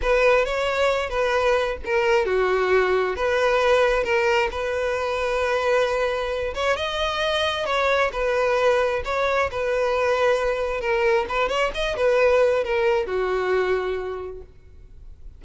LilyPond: \new Staff \with { instrumentName = "violin" } { \time 4/4 \tempo 4 = 133 b'4 cis''4. b'4. | ais'4 fis'2 b'4~ | b'4 ais'4 b'2~ | b'2~ b'8 cis''8 dis''4~ |
dis''4 cis''4 b'2 | cis''4 b'2. | ais'4 b'8 cis''8 dis''8 b'4. | ais'4 fis'2. | }